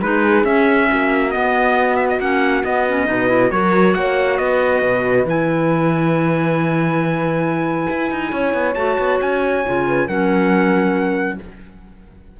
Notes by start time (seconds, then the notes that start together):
0.00 G#3 D#4 G#4 B4
0.44 C#4 E5
0.90 A#3 F#4
1.31 B3 D#5
1.96 E5
2.09 D#5
2.19 A#3 C#4 F#5
2.65 B3 D#5
2.88 C#4
3.06 B2 D#4 B4
3.28 E4
3.51 F#3 F#4 A#4 C#5
3.94 A#3 C#5 F#5
4.38 B3 B4 D#5
4.82 B2
5.24 E3 E4 G#5
7.90 E4
8.11 D#4
8.31 C#4 C#5
8.54 B3
8.74 A3 F#4 A5
8.99 B3
9.21 C#4 G#5
9.66 C#3 F4
9.87 B4
10.07 F#3 C#4 A#4 F#5